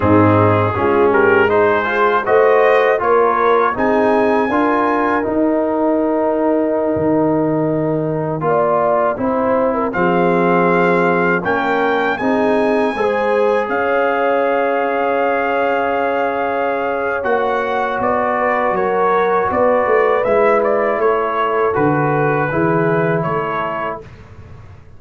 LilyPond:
<<
  \new Staff \with { instrumentName = "trumpet" } { \time 4/4 \tempo 4 = 80 gis'4. ais'8 c''4 dis''4 | cis''4 gis''2 g''4~ | g''1~ | g''4~ g''16 f''2 g''8.~ |
g''16 gis''2 f''4.~ f''16~ | f''2. fis''4 | d''4 cis''4 d''4 e''8 d''8 | cis''4 b'2 cis''4 | }
  \new Staff \with { instrumentName = "horn" } { \time 4/4 dis'4 f'8 g'8 gis'4 c''4 | ais'4 gis'4 ais'2~ | ais'2.~ ais'16 d''8.~ | d''16 c''8. ais'16 gis'2 ais'8.~ |
ais'16 gis'4 c''4 cis''4.~ cis''16~ | cis''1~ | cis''8 b'8 ais'4 b'2 | a'2 gis'4 a'4 | }
  \new Staff \with { instrumentName = "trombone" } { \time 4/4 c'4 cis'4 dis'8 f'8 fis'4 | f'4 dis'4 f'4 dis'4~ | dis'2.~ dis'16 f'8.~ | f'16 e'4 c'2 cis'8.~ |
cis'16 dis'4 gis'2~ gis'8.~ | gis'2. fis'4~ | fis'2. e'4~ | e'4 fis'4 e'2 | }
  \new Staff \with { instrumentName = "tuba" } { \time 4/4 gis,4 gis2 a4 | ais4 c'4 d'4 dis'4~ | dis'4~ dis'16 dis2 ais8.~ | ais16 c'4 f2 ais8.~ |
ais16 c'4 gis4 cis'4.~ cis'16~ | cis'2. ais4 | b4 fis4 b8 a8 gis4 | a4 d4 e4 a4 | }
>>